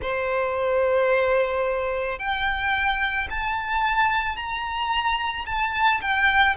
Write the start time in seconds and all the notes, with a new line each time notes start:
0.01 C5
2.18 G5
3.30 A5
4.36 A#5
5.45 A5
6.01 G5